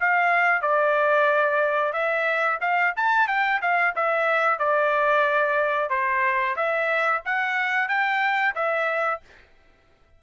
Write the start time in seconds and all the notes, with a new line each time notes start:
0.00 F5
0.62 D5
1.93 E5
2.61 F5
2.97 A5
3.28 G5
3.61 F5
3.96 E5
4.59 D5
5.90 C5
6.56 E5
7.25 F#5
7.89 G5
8.55 E5